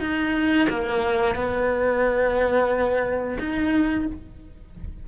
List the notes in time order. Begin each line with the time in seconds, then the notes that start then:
0.00 D#4
0.70 A#3
1.35 B3
3.39 D#4